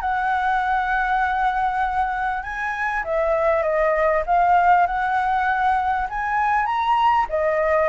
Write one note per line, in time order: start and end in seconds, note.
0.00 2.42 F#5
2.42 3.03 G#5
3.04 3.62 E5
3.62 4.23 D#5
4.26 4.86 F5
4.86 6.07 F#5
6.09 6.66 G#5
6.66 7.26 A#5
7.29 7.88 D#5